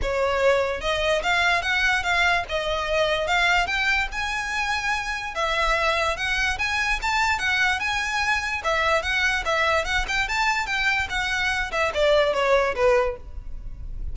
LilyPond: \new Staff \with { instrumentName = "violin" } { \time 4/4 \tempo 4 = 146 cis''2 dis''4 f''4 | fis''4 f''4 dis''2 | f''4 g''4 gis''2~ | gis''4 e''2 fis''4 |
gis''4 a''4 fis''4 gis''4~ | gis''4 e''4 fis''4 e''4 | fis''8 g''8 a''4 g''4 fis''4~ | fis''8 e''8 d''4 cis''4 b'4 | }